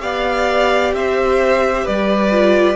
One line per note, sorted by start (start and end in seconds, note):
0.00 0.93 B3
0.00 2.31 G4
0.00 0.94 D5
0.00 0.94 F5
0.93 1.86 C4
0.93 1.84 C5
0.93 1.87 E5
1.84 2.76 G3
1.84 2.76 B4
1.84 2.76 D5
2.32 2.76 F4